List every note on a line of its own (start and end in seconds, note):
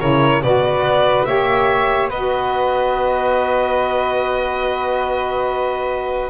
0.00 0.42 C#3
0.00 0.42 E4
0.00 0.42 A#4
0.00 0.42 C#5
0.42 0.80 B2
0.42 1.26 F#4
0.42 1.27 B4
0.42 1.25 D5
0.80 1.22 B3
1.25 2.10 A#3
1.25 2.11 G4
1.25 2.09 C#5
1.25 2.10 E5
2.09 6.30 B3
2.09 6.30 F#4
2.09 6.30 B4
2.09 6.30 D#5